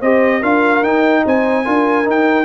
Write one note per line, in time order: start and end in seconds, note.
0.00 0.42 C4
0.00 0.42 G4
0.00 0.40 C5
0.00 0.42 D#5
0.40 0.82 D4
0.40 0.83 F4
0.40 1.22 A#4
0.40 0.83 F5
0.82 1.23 D#4
0.82 1.64 D#4
0.82 1.24 G5
1.25 1.66 C4
1.25 1.65 C5
1.25 2.09 G#5
1.64 2.06 D4
1.64 2.04 F4
1.64 2.45 A#4
2.04 2.45 D#4
2.04 2.45 G5